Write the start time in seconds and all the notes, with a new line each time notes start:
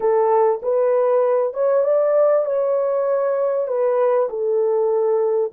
0.00 A4
0.62 B4
1.53 C#5
1.84 D5
2.45 C#5
3.67 B4
4.29 A4